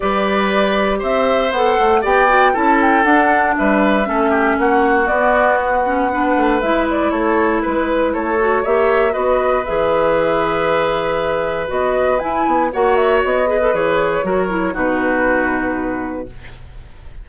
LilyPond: <<
  \new Staff \with { instrumentName = "flute" } { \time 4/4 \tempo 4 = 118 d''2 e''4 fis''4 | g''4 a''8 g''8 fis''4 e''4~ | e''4 fis''4 d''4 fis''4~ | fis''4 e''8 d''8 cis''4 b'4 |
cis''4 e''4 dis''4 e''4~ | e''2. dis''4 | gis''4 fis''8 e''8 dis''4 cis''4~ | cis''4 b'2. | }
  \new Staff \with { instrumentName = "oboe" } { \time 4/4 b'2 c''2 | d''4 a'2 b'4 | a'8 g'8 fis'2. | b'2 a'4 b'4 |
a'4 cis''4 b'2~ | b'1~ | b'4 cis''4. b'4. | ais'4 fis'2. | }
  \new Staff \with { instrumentName = "clarinet" } { \time 4/4 g'2. a'4 | g'8 fis'8 e'4 d'2 | cis'2 b4. cis'8 | d'4 e'2.~ |
e'8 fis'8 g'4 fis'4 gis'4~ | gis'2. fis'4 | e'4 fis'4. gis'16 a'16 gis'4 | fis'8 e'8 dis'2. | }
  \new Staff \with { instrumentName = "bassoon" } { \time 4/4 g2 c'4 b8 a8 | b4 cis'4 d'4 g4 | a4 ais4 b2~ | b8 a8 gis4 a4 gis4 |
a4 ais4 b4 e4~ | e2. b4 | e'8 b8 ais4 b4 e4 | fis4 b,2. | }
>>